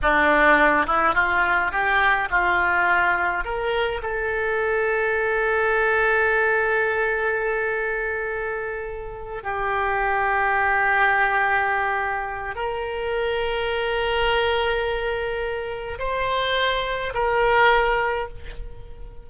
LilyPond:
\new Staff \with { instrumentName = "oboe" } { \time 4/4 \tempo 4 = 105 d'4. e'8 f'4 g'4 | f'2 ais'4 a'4~ | a'1~ | a'1~ |
a'8 g'2.~ g'8~ | g'2 ais'2~ | ais'1 | c''2 ais'2 | }